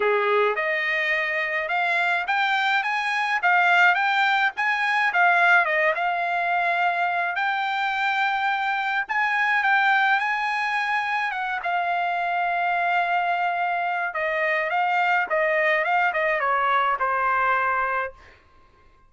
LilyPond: \new Staff \with { instrumentName = "trumpet" } { \time 4/4 \tempo 4 = 106 gis'4 dis''2 f''4 | g''4 gis''4 f''4 g''4 | gis''4 f''4 dis''8 f''4.~ | f''4 g''2. |
gis''4 g''4 gis''2 | fis''8 f''2.~ f''8~ | f''4 dis''4 f''4 dis''4 | f''8 dis''8 cis''4 c''2 | }